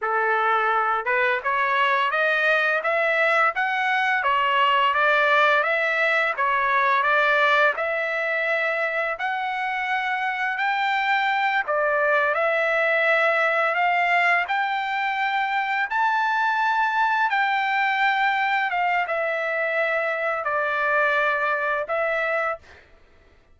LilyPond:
\new Staff \with { instrumentName = "trumpet" } { \time 4/4 \tempo 4 = 85 a'4. b'8 cis''4 dis''4 | e''4 fis''4 cis''4 d''4 | e''4 cis''4 d''4 e''4~ | e''4 fis''2 g''4~ |
g''8 d''4 e''2 f''8~ | f''8 g''2 a''4.~ | a''8 g''2 f''8 e''4~ | e''4 d''2 e''4 | }